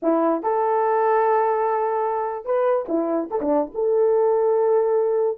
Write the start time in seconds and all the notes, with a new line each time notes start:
0.02 E4
0.42 A4
2.45 B4
2.88 E4
3.30 A4
3.41 D4
3.74 A4